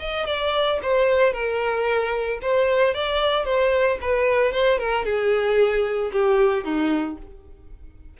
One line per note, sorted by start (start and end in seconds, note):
0.00 0.27 D#5
0.27 0.80 D5
0.83 1.33 C5
1.33 2.40 A#4
2.42 2.95 C5
2.95 3.46 D5
3.46 3.99 C5
4.02 4.53 B4
4.53 4.79 C5
4.79 5.06 A#4
5.06 6.12 G#4
6.13 6.65 G4
6.65 7.18 D#4